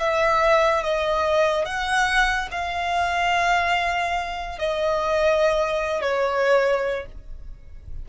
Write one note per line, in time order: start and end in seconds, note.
0.00 0.83 E5
0.83 1.65 D#5
1.65 2.48 F#5
2.51 4.59 F5
4.59 6.02 D#5
6.02 7.06 C#5